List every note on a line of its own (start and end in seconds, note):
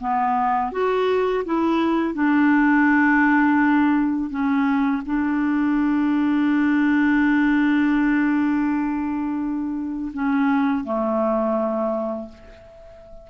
0.00 0.72 B3
0.72 1.44 F#4
1.45 2.14 E4
2.14 4.30 D4
4.30 5.02 C#4
5.06 10.12 D4
10.13 10.84 C#4
10.84 12.29 A3